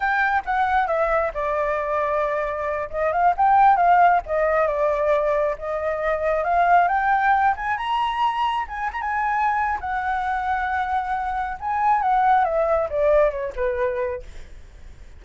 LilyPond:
\new Staff \with { instrumentName = "flute" } { \time 4/4 \tempo 4 = 135 g''4 fis''4 e''4 d''4~ | d''2~ d''8 dis''8 f''8 g''8~ | g''8 f''4 dis''4 d''4.~ | d''8 dis''2 f''4 g''8~ |
g''4 gis''8 ais''2 gis''8 | ais''16 gis''4.~ gis''16 fis''2~ | fis''2 gis''4 fis''4 | e''4 d''4 cis''8 b'4. | }